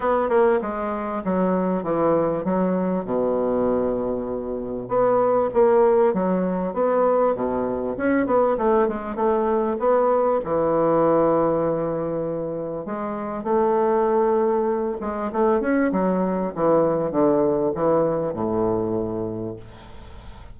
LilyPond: \new Staff \with { instrumentName = "bassoon" } { \time 4/4 \tempo 4 = 98 b8 ais8 gis4 fis4 e4 | fis4 b,2. | b4 ais4 fis4 b4 | b,4 cis'8 b8 a8 gis8 a4 |
b4 e2.~ | e4 gis4 a2~ | a8 gis8 a8 cis'8 fis4 e4 | d4 e4 a,2 | }